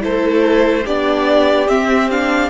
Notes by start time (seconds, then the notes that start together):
0.00 A3 E4 A4 C5
0.84 B3 D4 G4 D5
1.68 C4 E5
2.11 D4 F5